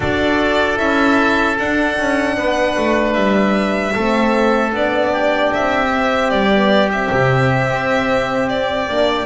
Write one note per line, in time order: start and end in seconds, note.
0.00 0.78 D4
0.00 0.76 F#4
0.00 2.35 A4
0.00 0.78 D5
0.76 1.57 C#4
0.76 1.55 E4
0.76 1.57 E5
1.58 1.98 D4
1.58 3.95 D4
1.58 3.13 F#5
1.98 2.37 C#4
2.37 2.76 B3
2.37 3.94 B4
2.76 3.15 A3
3.13 3.94 G3
3.13 4.71 E5
3.94 4.73 A3
3.94 4.71 C4
3.94 5.12 A4
4.71 5.51 B3
4.71 5.89 D4
4.71 5.53 D5
5.12 9.25 G4
5.53 6.31 C4
5.53 6.30 E5
5.92 6.51 C4
6.30 7.10 G3
6.30 6.89 D5
6.51 6.91 B3
6.91 8.90 C4
6.91 8.48 E5
7.12 7.70 C3
7.70 8.88 C4
8.48 9.25 D5
8.89 9.25 A#3
8.89 9.25 D4